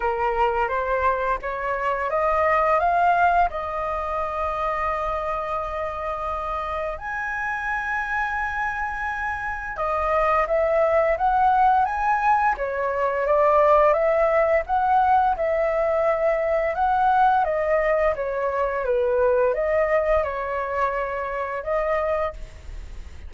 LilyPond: \new Staff \with { instrumentName = "flute" } { \time 4/4 \tempo 4 = 86 ais'4 c''4 cis''4 dis''4 | f''4 dis''2.~ | dis''2 gis''2~ | gis''2 dis''4 e''4 |
fis''4 gis''4 cis''4 d''4 | e''4 fis''4 e''2 | fis''4 dis''4 cis''4 b'4 | dis''4 cis''2 dis''4 | }